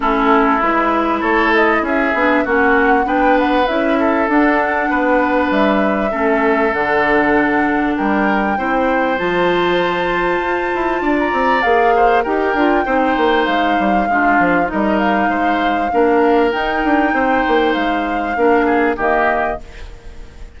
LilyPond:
<<
  \new Staff \with { instrumentName = "flute" } { \time 4/4 \tempo 4 = 98 a'4 b'4 cis''8 dis''8 e''4 | fis''4 g''8 fis''8 e''4 fis''4~ | fis''4 e''2 fis''4~ | fis''4 g''2 a''4~ |
a''2~ a''16 ais''8. f''4 | g''2 f''2 | dis''8 f''2~ f''8 g''4~ | g''4 f''2 dis''4 | }
  \new Staff \with { instrumentName = "oboe" } { \time 4/4 e'2 a'4 gis'4 | fis'4 b'4. a'4. | b'2 a'2~ | a'4 ais'4 c''2~ |
c''2 d''4. c''8 | ais'4 c''2 f'4 | ais'4 c''4 ais'2 | c''2 ais'8 gis'8 g'4 | }
  \new Staff \with { instrumentName = "clarinet" } { \time 4/4 cis'4 e'2~ e'8 d'8 | cis'4 d'4 e'4 d'4~ | d'2 cis'4 d'4~ | d'2 e'4 f'4~ |
f'2. gis'4 | g'8 f'8 dis'2 d'4 | dis'2 d'4 dis'4~ | dis'2 d'4 ais4 | }
  \new Staff \with { instrumentName = "bassoon" } { \time 4/4 a4 gis4 a4 cis'8 b8 | ais4 b4 cis'4 d'4 | b4 g4 a4 d4~ | d4 g4 c'4 f4~ |
f4 f'8 e'8 d'8 c'8 ais4 | dis'8 d'8 c'8 ais8 gis8 g8 gis8 f8 | g4 gis4 ais4 dis'8 d'8 | c'8 ais8 gis4 ais4 dis4 | }
>>